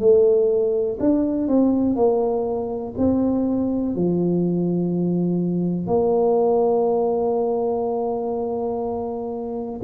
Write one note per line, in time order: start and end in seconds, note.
0.00 0.98 A3
1.00 1.48 D4
1.48 1.96 C4
1.96 2.95 A#3
2.98 3.96 C4
3.96 5.87 F3
5.87 9.81 A#3